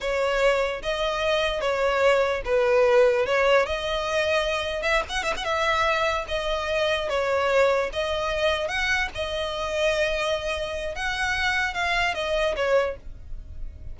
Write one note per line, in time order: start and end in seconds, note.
0.01 0.82 C#5
0.82 1.61 D#5
1.61 2.42 C#5
2.44 3.25 B4
3.26 3.66 C#5
3.66 4.82 D#5
4.82 5.02 E5
5.09 5.23 F#5
5.23 5.33 E5
5.36 5.44 F#5
5.44 6.25 E5
6.28 7.09 D#5
7.09 7.90 C#5
7.93 8.68 D#5
8.68 9.08 F#5
9.14 10.95 D#5
10.95 11.73 F#5
11.73 12.14 F5
12.14 12.55 D#5
12.56 12.96 C#5